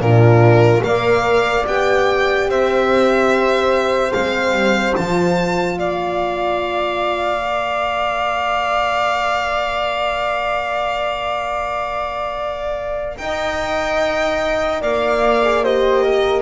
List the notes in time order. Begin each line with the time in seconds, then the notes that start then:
0.00 A#2 D4 F4 A#4
0.82 A#3 A#4 D5 F5
1.67 B3 G4 G5
2.49 C4 C5 E5
4.13 G#3 C4 F5
4.53 G3
4.97 F3 F4 A5
5.77 A#3 D5 F5
7.41 A#4
13.18 D#4 D#5 G5
14.82 A#3 D5 F5
15.43 G#4
15.64 G4 C5 D#5
16.04 A#4